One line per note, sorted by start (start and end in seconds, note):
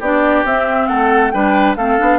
0.00 0.44 B3
0.00 0.46 D4
0.00 0.88 G4
0.00 0.45 D5
0.44 0.88 C4
0.44 1.33 C4
0.44 0.88 E5
0.88 1.34 A3
0.88 1.33 A4
0.88 1.31 F#5
1.31 1.77 G3
1.31 1.77 D4
1.31 1.78 B4
1.31 1.75 G5
1.76 1.99 A3
1.76 1.98 C4
1.76 2.19 A4
1.76 2.19 F5
1.98 2.19 B3
1.98 2.19 D4